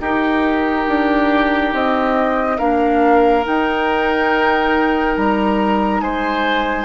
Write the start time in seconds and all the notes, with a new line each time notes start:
0.00 D#4 G4 A#4
0.88 D4
1.73 C4 D#5
2.58 A#3 D4 A#4 F5
3.44 D#4 G5
5.16 G3 A#5
6.01 G#3 C5 G#5